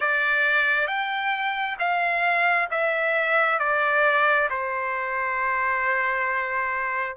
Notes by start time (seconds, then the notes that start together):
0.00 D5
0.87 G5
1.79 F5
2.71 E5
3.59 D5
4.50 C5